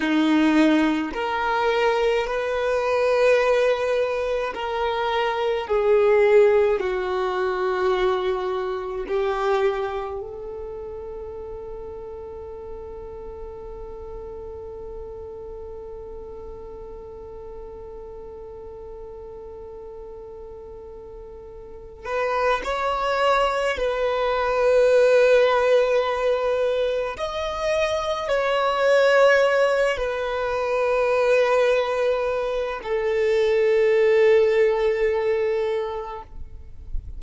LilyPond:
\new Staff \with { instrumentName = "violin" } { \time 4/4 \tempo 4 = 53 dis'4 ais'4 b'2 | ais'4 gis'4 fis'2 | g'4 a'2.~ | a'1~ |
a'2.~ a'8 b'8 | cis''4 b'2. | dis''4 cis''4. b'4.~ | b'4 a'2. | }